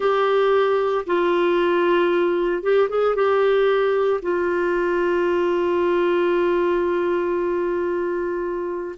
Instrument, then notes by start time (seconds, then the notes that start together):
clarinet
0.00 G4
1.06 F4
2.62 G4
2.89 G#4
3.15 G4
4.22 F4